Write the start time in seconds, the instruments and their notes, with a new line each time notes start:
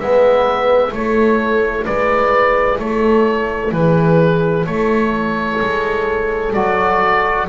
0.00 double bass G#3, trombone B3, horn B4, oboe E5
0.89 double bass A3, trombone E4, horn A4, oboe C#5
1.85 double bass G#3, horn B4, oboe D5
2.79 double bass A3, horn A4, oboe C#5
3.72 double bass E3, horn G#4, oboe B4
4.66 double bass A3, horn A4, oboe C#5
5.61 double bass G#3
6.54 double bass F#3, trombone F#4, oboe D5